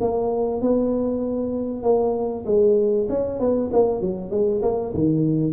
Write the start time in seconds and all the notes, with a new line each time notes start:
0.00 A#3
0.61 B3
1.82 A#3
2.45 G#3
3.09 C#4
3.39 B3
3.72 A#3
4.00 F#3
4.30 G#3
4.62 A#3
4.94 D#3